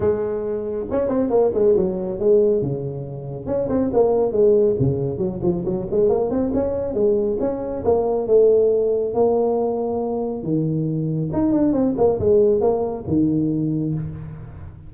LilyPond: \new Staff \with { instrumentName = "tuba" } { \time 4/4 \tempo 4 = 138 gis2 cis'8 c'8 ais8 gis8 | fis4 gis4 cis2 | cis'8 c'8 ais4 gis4 cis4 | fis8 f8 fis8 gis8 ais8 c'8 cis'4 |
gis4 cis'4 ais4 a4~ | a4 ais2. | dis2 dis'8 d'8 c'8 ais8 | gis4 ais4 dis2 | }